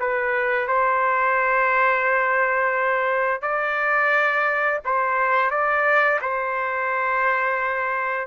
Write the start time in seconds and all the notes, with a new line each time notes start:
0.00 B4
0.68 C5
3.42 D5
4.86 C5
5.51 D5
6.22 C5